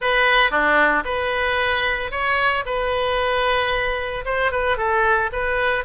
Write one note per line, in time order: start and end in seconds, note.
0.01 0.50 B4
0.50 1.03 D4
1.05 2.11 B4
2.11 2.64 C#5
2.65 4.24 B4
4.25 4.51 C5
4.51 4.77 B4
4.77 5.30 A4
5.32 5.84 B4